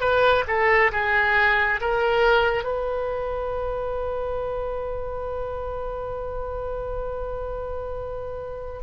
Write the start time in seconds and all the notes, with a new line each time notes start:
0.00 B4
0.48 A4
0.92 G#4
1.80 A#4
2.64 B4